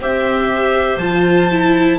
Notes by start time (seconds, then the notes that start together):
0.00 C4 G4 C5 E5
0.97 F3 F4 A5
1.50 E4